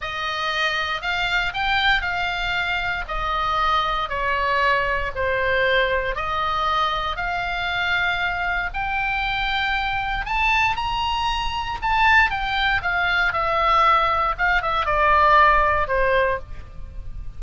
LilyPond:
\new Staff \with { instrumentName = "oboe" } { \time 4/4 \tempo 4 = 117 dis''2 f''4 g''4 | f''2 dis''2 | cis''2 c''2 | dis''2 f''2~ |
f''4 g''2. | a''4 ais''2 a''4 | g''4 f''4 e''2 | f''8 e''8 d''2 c''4 | }